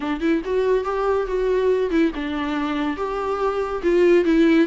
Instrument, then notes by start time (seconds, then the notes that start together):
viola
0.00 D4
0.20 E4
0.44 F#4
0.84 G4
1.27 F#4
1.90 E4
2.15 D4
2.96 G4
3.82 F4
4.25 E4